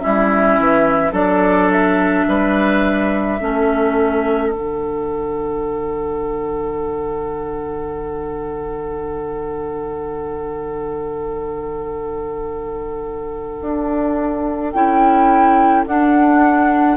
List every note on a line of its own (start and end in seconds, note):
0.00 0.59 G3
0.00 1.12 C#4
0.00 1.12 E4
0.00 1.13 E5
0.59 1.12 E3
1.12 2.25 F#3
1.12 3.39 D4
1.12 2.25 A4
1.12 1.71 D5
1.71 4.52 E5
2.28 3.41 G3
2.28 3.40 B4
3.40 4.55 A3
3.40 4.53 C#4
3.40 16.97 A4
4.52 13.60 D3
4.52 14.72 D4
4.52 14.71 F#5
13.61 14.74 D4
14.72 15.86 C#4
14.72 15.86 E4
14.72 15.86 G5
15.86 16.97 D4
15.86 16.97 F#5